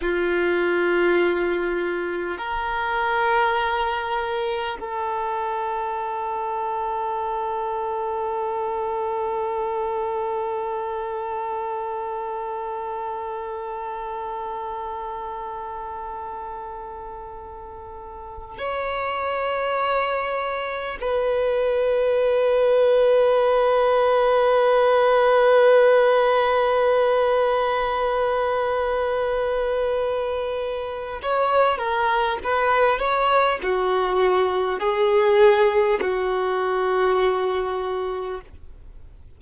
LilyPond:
\new Staff \with { instrumentName = "violin" } { \time 4/4 \tempo 4 = 50 f'2 ais'2 | a'1~ | a'1~ | a'2.~ a'8 cis''8~ |
cis''4. b'2~ b'8~ | b'1~ | b'2 cis''8 ais'8 b'8 cis''8 | fis'4 gis'4 fis'2 | }